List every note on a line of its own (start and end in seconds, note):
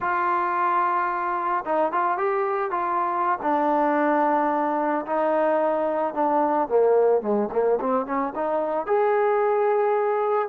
0.00 1.64 F4
1.65 1.91 D#4
1.91 2.17 F4
2.17 2.70 G4
2.70 3.38 F4
3.42 5.05 D4
5.06 6.14 D#4
6.14 6.68 D4
6.68 7.21 A#3
7.21 7.49 G#3
7.51 7.79 A#3
7.80 8.06 C4
8.06 8.33 C#4
8.35 8.86 D#4
8.86 10.49 G#4